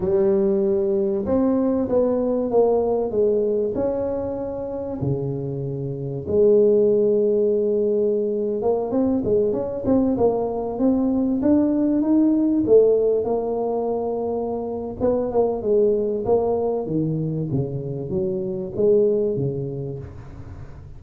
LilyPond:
\new Staff \with { instrumentName = "tuba" } { \time 4/4 \tempo 4 = 96 g2 c'4 b4 | ais4 gis4 cis'2 | cis2 gis2~ | gis4.~ gis16 ais8 c'8 gis8 cis'8 c'16~ |
c'16 ais4 c'4 d'4 dis'8.~ | dis'16 a4 ais2~ ais8. | b8 ais8 gis4 ais4 dis4 | cis4 fis4 gis4 cis4 | }